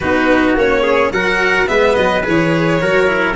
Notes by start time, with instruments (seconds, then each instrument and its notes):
0.00 tuba B3, cello D#4, trumpet F#4, violin B4
0.56 tuba A#3, cello C#4, violin C#5
0.81 trumpet G#4
1.11 tuba F#3, cello F#4, trumpet A#4, violin F#5
1.66 tuba G#3, cello B3, trumpet B4, violin E5
1.95 tuba F#3, violin D#5
2.24 tuba E3, cello G#4, violin C#5
2.81 tuba F#3, cello F#4, trumpet A#4
3.07 cello E4